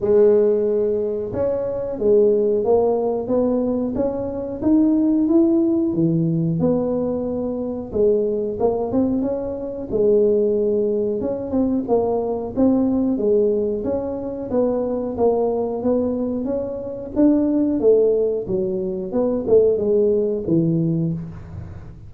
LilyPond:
\new Staff \with { instrumentName = "tuba" } { \time 4/4 \tempo 4 = 91 gis2 cis'4 gis4 | ais4 b4 cis'4 dis'4 | e'4 e4 b2 | gis4 ais8 c'8 cis'4 gis4~ |
gis4 cis'8 c'8 ais4 c'4 | gis4 cis'4 b4 ais4 | b4 cis'4 d'4 a4 | fis4 b8 a8 gis4 e4 | }